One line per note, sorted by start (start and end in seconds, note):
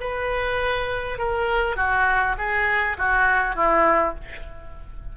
0.00 1.18 B4
1.18 1.76 A#4
1.76 2.35 F#4
2.37 2.97 G#4
2.98 3.55 F#4
3.55 4.14 E4